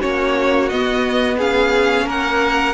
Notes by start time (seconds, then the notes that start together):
0.00 A#3 C#4 F#4 C#5
0.69 B3 D#5
1.38 C#4 G#4 F5
2.05 A#3 A#4 F#5